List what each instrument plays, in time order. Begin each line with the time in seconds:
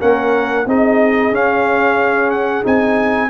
0.00 tuba A#3, trombone C#4, horn A#4, trumpet F#5
0.66 tuba C4, trombone D#4, horn G#4, trumpet D#5
1.32 tuba C#4, trombone C#4, trumpet F5
2.30 trumpet F#5
2.63 tuba C4, trombone D#4, trumpet G#5